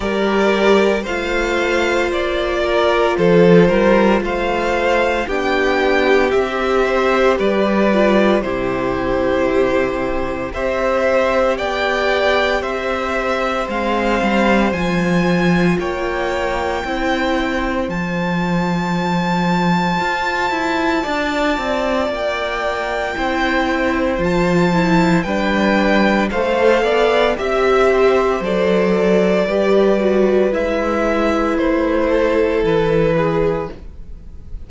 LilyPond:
<<
  \new Staff \with { instrumentName = "violin" } { \time 4/4 \tempo 4 = 57 d''4 f''4 d''4 c''4 | f''4 g''4 e''4 d''4 | c''2 e''4 g''4 | e''4 f''4 gis''4 g''4~ |
g''4 a''2.~ | a''4 g''2 a''4 | g''4 f''4 e''4 d''4~ | d''4 e''4 c''4 b'4 | }
  \new Staff \with { instrumentName = "violin" } { \time 4/4 ais'4 c''4. ais'8 a'8 ais'8 | c''4 g'4. c''8 b'4 | g'2 c''4 d''4 | c''2. cis''4 |
c''1 | d''2 c''2 | b'4 c''8 d''8 e''8 c''4. | b'2~ b'8 a'4 gis'8 | }
  \new Staff \with { instrumentName = "viola" } { \time 4/4 g'4 f'2.~ | f'4 d'4 g'4. f'8 | e'2 g'2~ | g'4 c'4 f'2 |
e'4 f'2.~ | f'2 e'4 f'8 e'8 | d'4 a'4 g'4 a'4 | g'8 fis'8 e'2. | }
  \new Staff \with { instrumentName = "cello" } { \time 4/4 g4 a4 ais4 f8 g8 | a4 b4 c'4 g4 | c2 c'4 b4 | c'4 gis8 g8 f4 ais4 |
c'4 f2 f'8 e'8 | d'8 c'8 ais4 c'4 f4 | g4 a8 b8 c'4 fis4 | g4 gis4 a4 e4 | }
>>